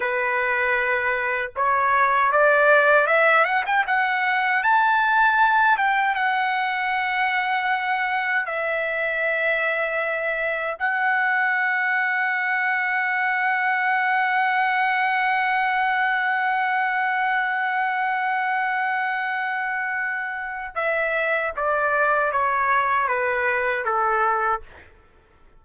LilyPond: \new Staff \with { instrumentName = "trumpet" } { \time 4/4 \tempo 4 = 78 b'2 cis''4 d''4 | e''8 fis''16 g''16 fis''4 a''4. g''8 | fis''2. e''4~ | e''2 fis''2~ |
fis''1~ | fis''1~ | fis''2. e''4 | d''4 cis''4 b'4 a'4 | }